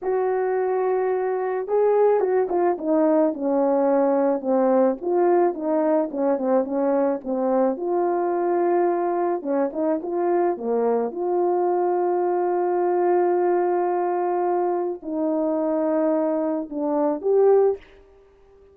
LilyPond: \new Staff \with { instrumentName = "horn" } { \time 4/4 \tempo 4 = 108 fis'2. gis'4 | fis'8 f'8 dis'4 cis'2 | c'4 f'4 dis'4 cis'8 c'8 | cis'4 c'4 f'2~ |
f'4 cis'8 dis'8 f'4 ais4 | f'1~ | f'2. dis'4~ | dis'2 d'4 g'4 | }